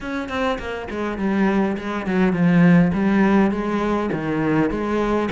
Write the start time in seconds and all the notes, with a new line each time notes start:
0.01 C#4
0.28 C4
0.58 A#3
0.90 G#3
1.18 G3
1.77 G#3
2.06 F#3
2.32 F3
2.93 G3
3.51 G#3
4.12 D#3
4.70 G#3